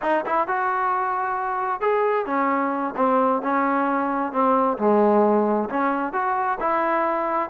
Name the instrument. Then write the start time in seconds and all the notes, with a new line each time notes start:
trombone
0.02 D#4
0.26 E4
0.47 F#4
1.81 G#4
2.26 C#4
2.96 C4
3.42 C#4
4.32 C4
4.78 G#3
5.69 C#4
6.12 F#4
6.60 E4